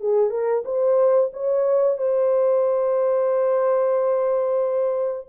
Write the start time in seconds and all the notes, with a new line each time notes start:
0.00 G#4
0.30 A#4
0.64 C5
1.33 C#5
1.97 C5